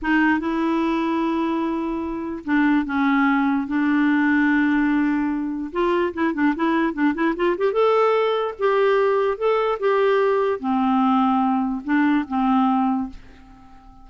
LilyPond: \new Staff \with { instrumentName = "clarinet" } { \time 4/4 \tempo 4 = 147 dis'4 e'2.~ | e'2 d'4 cis'4~ | cis'4 d'2.~ | d'2 f'4 e'8 d'8 |
e'4 d'8 e'8 f'8 g'8 a'4~ | a'4 g'2 a'4 | g'2 c'2~ | c'4 d'4 c'2 | }